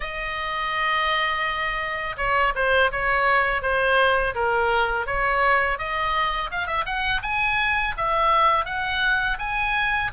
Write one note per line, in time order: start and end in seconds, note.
0.00 2.16 D#5
2.17 2.53 C#5
2.55 2.91 C5
2.91 3.61 C#5
3.61 4.34 C5
4.34 5.06 A#4
5.06 5.78 C#5
5.78 6.50 D#5
6.51 6.66 F5
6.66 6.84 E5
6.85 7.21 F#5
7.22 7.94 G#5
7.97 8.65 E5
8.65 9.37 F#5
9.38 10.11 G#5